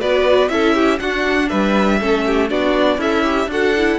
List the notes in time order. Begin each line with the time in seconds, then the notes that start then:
0.00 B3 F#4 B4 D5
0.49 C#4 E4 A4 E5
0.75 G4
1.00 D4 F#4 F#5
1.49 G3 B4 E5
2.00 A3 C#4 A4
2.26 G4
2.49 B3 D4 F#4 D5
2.98 C#4 E4 A4 E5
3.24 G4
3.47 D4 F#4 A4 F#5
3.78 E4